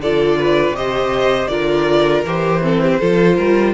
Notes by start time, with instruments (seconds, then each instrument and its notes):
0.00 cello D3, viola F4, violin A4 D5
0.39 violin B4
0.72 cello C3, viola G4, violin C5 D#5
1.47 cello D3, viola F4, violin A#4 D5
2.24 cello E3, viola G4, violin C5
2.62 viola C4, violin A4
2.82 violin G4
2.99 cello F3, viola F4, violin A4
3.35 cello G3, violin A#4